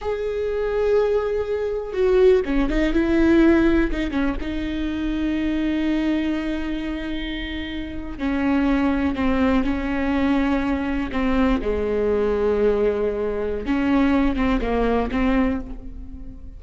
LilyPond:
\new Staff \with { instrumentName = "viola" } { \time 4/4 \tempo 4 = 123 gis'1 | fis'4 cis'8 dis'8 e'2 | dis'8 cis'8 dis'2.~ | dis'1~ |
dis'8. cis'2 c'4 cis'16~ | cis'2~ cis'8. c'4 gis16~ | gis1 | cis'4. c'8 ais4 c'4 | }